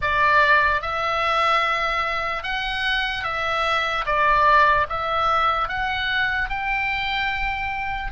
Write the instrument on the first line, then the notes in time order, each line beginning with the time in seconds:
oboe
0.01 D5
0.81 E5
2.43 F#5
3.23 E5
4.05 D5
4.89 E5
5.68 F#5
6.49 G5